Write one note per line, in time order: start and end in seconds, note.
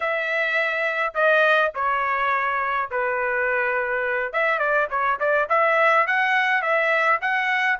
0.00 1.13 E5
1.14 1.72 D#5
1.75 2.90 C#5
2.90 4.33 B4
4.33 4.59 E5
4.59 4.87 D5
4.90 5.19 C#5
5.19 5.48 D5
5.49 6.07 E5
6.07 6.62 F#5
6.62 7.19 E5
7.21 7.79 F#5